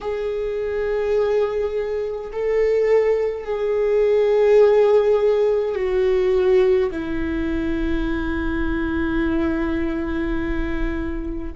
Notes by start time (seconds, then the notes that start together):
0.01 G#4
2.32 A4
3.44 G#4
5.75 F#4
6.91 E4